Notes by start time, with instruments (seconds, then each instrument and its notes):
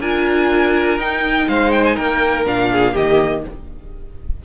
0.00 cello D4, viola F4, violin A#4 G#5
0.98 cello D#4, viola D#4, violin G5
1.48 cello G#3, violin C5 F5
1.71 violin G5
1.85 violin G#5
1.96 cello A#3, violin A#4 G5
2.46 cello A#2, viola D4, violin F5
2.72 violin G#4
2.93 cello D#3, viola A#3, violin G4 D#5